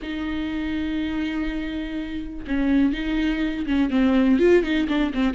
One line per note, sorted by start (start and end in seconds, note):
0.01 2.45 D#4
2.47 2.93 C#4
2.93 3.66 D#4
3.66 3.90 C#4
3.90 4.39 C4
4.39 4.63 F4
4.63 4.87 D#4
4.88 5.12 D4
5.14 5.34 C4